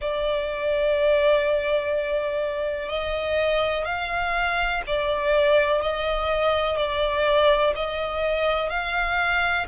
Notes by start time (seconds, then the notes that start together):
0.01 D5
2.88 D#5
3.85 F5
4.87 D5
5.81 D#5
6.77 D5
7.75 D#5
8.69 F5